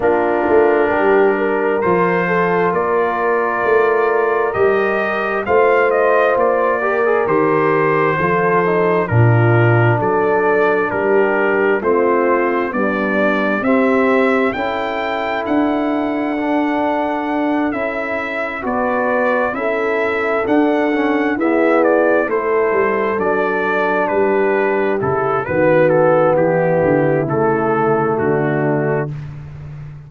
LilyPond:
<<
  \new Staff \with { instrumentName = "trumpet" } { \time 4/4 \tempo 4 = 66 ais'2 c''4 d''4~ | d''4 dis''4 f''8 dis''8 d''4 | c''2 ais'4 d''4 | ais'4 c''4 d''4 e''4 |
g''4 fis''2~ fis''8 e''8~ | e''8 d''4 e''4 fis''4 e''8 | d''8 c''4 d''4 b'4 a'8 | b'8 a'8 g'4 a'4 fis'4 | }
  \new Staff \with { instrumentName = "horn" } { \time 4/4 f'4 g'8 ais'4 a'8 ais'4~ | ais'2 c''4. ais'8~ | ais'4 a'4 f'4 a'4 | g'4 f'4 d'4 g'4 |
a'1~ | a'8 b'4 a'2 gis'8~ | gis'8 a'2 g'4. | fis'4 e'2 d'4 | }
  \new Staff \with { instrumentName = "trombone" } { \time 4/4 d'2 f'2~ | f'4 g'4 f'4. g'16 gis'16 | g'4 f'8 dis'8 d'2~ | d'4 c'4 g4 c'4 |
e'2 d'4. e'8~ | e'8 fis'4 e'4 d'8 cis'8 b8~ | b8 e'4 d'2 e'8 | b2 a2 | }
  \new Staff \with { instrumentName = "tuba" } { \time 4/4 ais8 a8 g4 f4 ais4 | a4 g4 a4 ais4 | dis4 f4 ais,4 fis4 | g4 a4 b4 c'4 |
cis'4 d'2~ d'8 cis'8~ | cis'8 b4 cis'4 d'4 e'8~ | e'8 a8 g8 fis4 g4 cis8 | dis4 e8 d8 cis4 d4 | }
>>